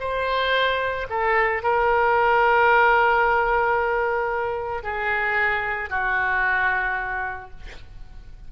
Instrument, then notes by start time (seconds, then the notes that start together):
oboe
0.00 C5
1.10 A4
1.63 A#4
4.83 G#4
5.90 F#4